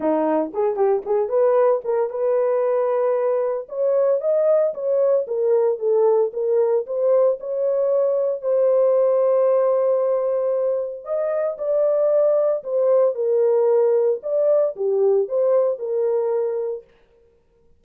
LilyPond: \new Staff \with { instrumentName = "horn" } { \time 4/4 \tempo 4 = 114 dis'4 gis'8 g'8 gis'8 b'4 ais'8 | b'2. cis''4 | dis''4 cis''4 ais'4 a'4 | ais'4 c''4 cis''2 |
c''1~ | c''4 dis''4 d''2 | c''4 ais'2 d''4 | g'4 c''4 ais'2 | }